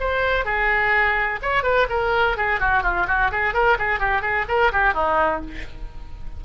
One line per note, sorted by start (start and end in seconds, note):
0.00 0.45 C5
0.45 1.40 G#4
1.43 1.63 C#5
1.63 1.87 B4
1.90 2.37 A#4
2.37 2.60 G#4
2.60 2.83 F#4
2.83 3.07 F4
3.08 3.31 F#4
3.32 3.54 G#4
3.54 3.78 A#4
3.79 4.00 G#4
4.00 4.22 G4
4.22 4.46 G#4
4.49 4.72 A#4
4.72 4.94 G4
4.94 5.41 D#4